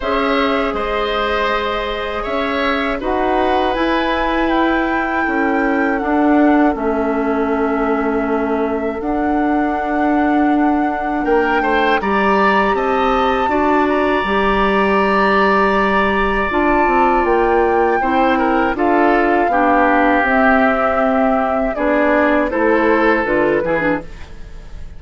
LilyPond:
<<
  \new Staff \with { instrumentName = "flute" } { \time 4/4 \tempo 4 = 80 e''4 dis''2 e''4 | fis''4 gis''4 g''2 | fis''4 e''2. | fis''2. g''4 |
ais''4 a''4. ais''4.~ | ais''2 a''4 g''4~ | g''4 f''2 e''4~ | e''4 d''4 c''4 b'4 | }
  \new Staff \with { instrumentName = "oboe" } { \time 4/4 cis''4 c''2 cis''4 | b'2. a'4~ | a'1~ | a'2. ais'8 c''8 |
d''4 dis''4 d''2~ | d''1 | c''8 ais'8 a'4 g'2~ | g'4 gis'4 a'4. gis'8 | }
  \new Staff \with { instrumentName = "clarinet" } { \time 4/4 gis'1 | fis'4 e'2. | d'4 cis'2. | d'1 |
g'2 fis'4 g'4~ | g'2 f'2 | e'4 f'4 d'4 c'4~ | c'4 d'4 e'4 f'8 e'16 d'16 | }
  \new Staff \with { instrumentName = "bassoon" } { \time 4/4 cis'4 gis2 cis'4 | dis'4 e'2 cis'4 | d'4 a2. | d'2. ais8 a8 |
g4 c'4 d'4 g4~ | g2 d'8 c'8 ais4 | c'4 d'4 b4 c'4~ | c'4 b4 a4 d8 e8 | }
>>